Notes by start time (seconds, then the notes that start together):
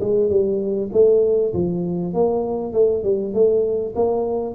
0.00 G#3
0.29 G3
0.93 A3
1.54 F3
2.13 A#3
2.73 A3
3.03 G3
3.33 A3
3.95 A#3